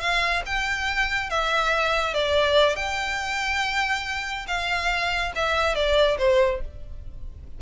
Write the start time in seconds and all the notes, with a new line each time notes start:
0.00 F5
0.45 G5
1.30 E5
2.14 D5
2.76 G5
4.47 F5
5.35 E5
5.75 D5
6.18 C5